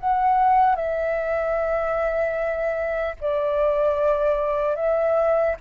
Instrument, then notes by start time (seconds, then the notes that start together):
flute
0.00 F#5
0.75 E5
3.21 D5
4.76 E5